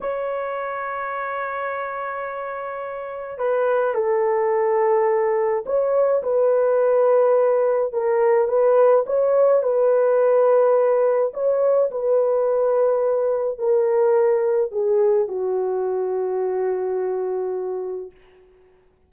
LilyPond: \new Staff \with { instrumentName = "horn" } { \time 4/4 \tempo 4 = 106 cis''1~ | cis''2 b'4 a'4~ | a'2 cis''4 b'4~ | b'2 ais'4 b'4 |
cis''4 b'2. | cis''4 b'2. | ais'2 gis'4 fis'4~ | fis'1 | }